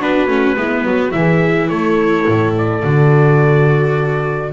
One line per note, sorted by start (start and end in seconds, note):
0.00 0.27 B3
0.00 0.28 D4
0.00 0.58 F#4
0.00 1.12 B4
0.27 0.56 A3
0.27 0.56 C#4
0.56 0.85 G#3
0.56 1.11 B3
0.56 0.86 E4
0.85 1.14 F#3
0.85 1.14 F#4
1.11 1.71 E3
1.11 2.81 E4
1.11 1.69 E5
1.18 1.69 G#4
1.69 2.27 A3
1.69 4.52 A4
1.69 2.54 C#5
2.27 2.83 A2
2.58 4.53 D5
2.83 4.53 D3
2.83 4.53 F#4